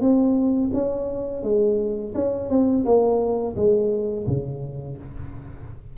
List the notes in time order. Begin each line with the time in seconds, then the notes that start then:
0.00 C4
0.73 C#4
1.43 G#3
2.14 C#4
2.49 C4
2.85 A#3
3.56 G#3
4.27 C#3